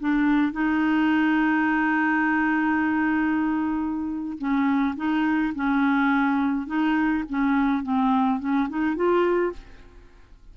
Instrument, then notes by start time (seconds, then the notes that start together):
clarinet
0.00 D4
0.52 D#4
4.38 C#4
4.97 D#4
5.55 C#4
6.67 D#4
7.30 C#4
7.83 C4
8.40 C#4
8.69 D#4
8.96 F4